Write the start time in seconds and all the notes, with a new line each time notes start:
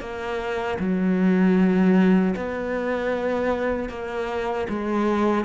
0.00 A#3
0.79 F#3
2.36 B3
3.89 A#3
4.69 G#3